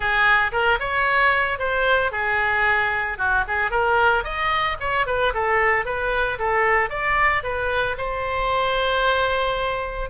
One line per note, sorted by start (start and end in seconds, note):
0.00 0.51 G#4
0.52 0.78 A#4
0.79 1.58 C#5
1.58 2.11 C5
2.11 3.17 G#4
3.18 3.44 F#4
3.47 3.70 G#4
3.70 4.24 A#4
4.24 4.77 D#5
4.79 5.06 C#5
5.06 5.33 B4
5.34 5.85 A4
5.85 6.38 B4
6.38 6.89 A4
6.89 7.42 D5
7.43 7.96 B4
7.97 10.09 C5